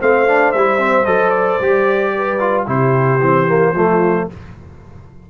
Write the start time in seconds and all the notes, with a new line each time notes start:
0.00 A3 C4 C5 F5
0.27 D4
0.52 G3 E4 E5
0.78 C4
1.05 F#3 A4 D#5
1.29 D5
1.60 G3 G4
2.16 B4
2.39 F4
2.65 C3 E4 G4 C5
3.20 E3 C4
3.47 A#3
3.73 F3 A3 F4